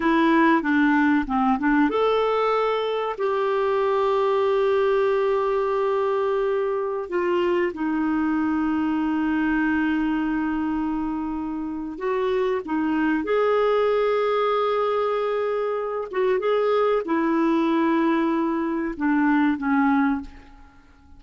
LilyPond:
\new Staff \with { instrumentName = "clarinet" } { \time 4/4 \tempo 4 = 95 e'4 d'4 c'8 d'8 a'4~ | a'4 g'2.~ | g'2.~ g'16 f'8.~ | f'16 dis'2.~ dis'8.~ |
dis'2. fis'4 | dis'4 gis'2.~ | gis'4. fis'8 gis'4 e'4~ | e'2 d'4 cis'4 | }